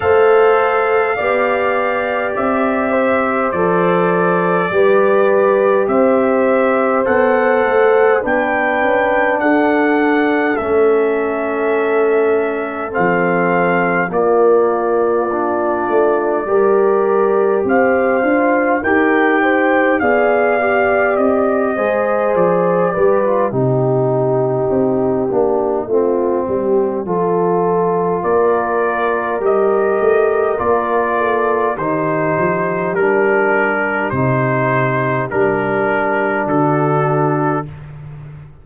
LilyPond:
<<
  \new Staff \with { instrumentName = "trumpet" } { \time 4/4 \tempo 4 = 51 f''2 e''4 d''4~ | d''4 e''4 fis''4 g''4 | fis''4 e''2 f''4 | d''2. f''4 |
g''4 f''4 dis''4 d''4 | c''1 | d''4 dis''4 d''4 c''4 | ais'4 c''4 ais'4 a'4 | }
  \new Staff \with { instrumentName = "horn" } { \time 4/4 c''4 d''4. c''4. | b'4 c''2 b'4 | a'1 | f'2 ais'4 c''4 |
ais'8 c''8 d''4. c''4 b'8 | g'2 f'8 g'8 a'4 | ais'2~ ais'8 a'8 g'4~ | g'2. fis'4 | }
  \new Staff \with { instrumentName = "trombone" } { \time 4/4 a'4 g'2 a'4 | g'2 a'4 d'4~ | d'4 cis'2 c'4 | ais4 d'4 g'4. f'8 |
g'4 gis'8 g'4 gis'4 g'16 f'16 | dis'4. d'8 c'4 f'4~ | f'4 g'4 f'4 dis'4 | d'4 dis'4 d'2 | }
  \new Staff \with { instrumentName = "tuba" } { \time 4/4 a4 b4 c'4 f4 | g4 c'4 b8 a8 b8 cis'8 | d'4 a2 f4 | ais4. a8 g4 c'8 d'8 |
dis'4 b4 c'8 gis8 f8 g8 | c4 c'8 ais8 a8 g8 f4 | ais4 g8 a8 ais4 dis8 f8 | g4 c4 g4 d4 | }
>>